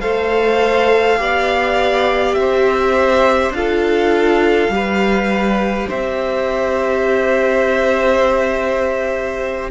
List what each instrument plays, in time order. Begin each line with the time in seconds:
0.00 cello A3, viola A4, violin C5 F5
1.17 cello B3, viola G4, violin D5
2.34 cello C4, violin C5 E5
3.50 cello D4, viola F4, violin F5
3.56 violin A4
4.68 cello G3, viola G4
4.75 violin B4
5.88 cello C4, violin C5 E5